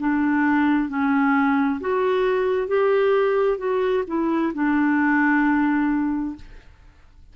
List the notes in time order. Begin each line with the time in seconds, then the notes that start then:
0.00 D4
0.89 C#4
1.81 F#4
2.68 G4
3.59 F#4
4.07 E4
4.55 D4